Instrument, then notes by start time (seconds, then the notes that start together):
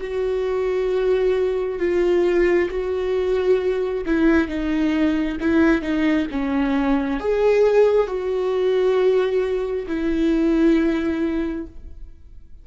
viola
0.00 F#4
1.79 F4
2.70 F#4
4.06 E4
4.48 D#4
5.40 E4
5.81 D#4
6.31 C#4
7.20 G#4
8.07 F#4
9.87 E4